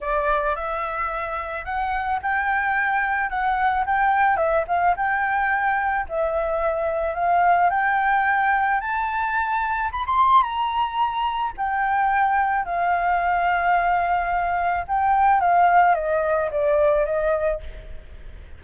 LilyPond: \new Staff \with { instrumentName = "flute" } { \time 4/4 \tempo 4 = 109 d''4 e''2 fis''4 | g''2 fis''4 g''4 | e''8 f''8 g''2 e''4~ | e''4 f''4 g''2 |
a''2 b''16 c'''8. ais''4~ | ais''4 g''2 f''4~ | f''2. g''4 | f''4 dis''4 d''4 dis''4 | }